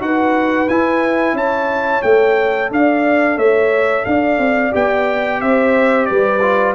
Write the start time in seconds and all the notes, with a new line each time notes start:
0.00 D#4 F#4 B4 F#5
0.69 E4 G#5
1.33 C#4 C#5 A5
2.02 A3 A4 G5
2.71 D4 D5 F5
3.37 A3 C#5 E5
4.05 D4 D5 F5
4.38 C4
4.71 B3 G4 G5
5.41 C4 C5 E5
6.06 G3 B4 D5
6.41 F4